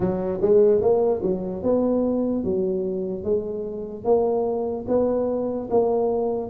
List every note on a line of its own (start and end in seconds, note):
0.00 0.40 F#3
0.41 0.81 G#3
0.81 1.21 A#3
1.22 1.62 F#3
1.62 2.43 B3
2.44 3.24 F#3
3.24 4.04 G#3
4.04 4.85 A#3
4.88 5.69 B3
5.70 6.50 A#3